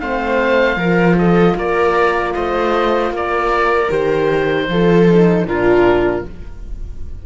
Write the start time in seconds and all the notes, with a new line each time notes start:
0.00 A3 C4 C5 F5
0.77 F3 F4 A#4
1.18 A4 D#5
1.56 A#3 A#4 D5
2.34 A3 C5 D#5
3.11 A#3 A#4 D5
3.89 D#3 G4 C5
4.69 F3 F4 A4
5.11 D#4
5.44 A#2 D4 F4 A#4